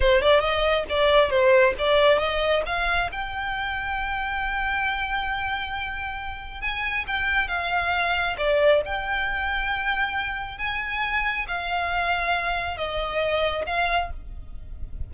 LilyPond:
\new Staff \with { instrumentName = "violin" } { \time 4/4 \tempo 4 = 136 c''8 d''8 dis''4 d''4 c''4 | d''4 dis''4 f''4 g''4~ | g''1~ | g''2. gis''4 |
g''4 f''2 d''4 | g''1 | gis''2 f''2~ | f''4 dis''2 f''4 | }